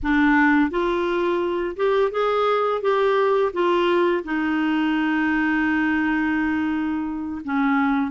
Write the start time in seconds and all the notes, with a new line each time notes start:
0.02 D4
0.70 F4
1.76 G4
2.11 G#4
2.81 G4
3.53 F4
4.24 D#4
7.44 C#4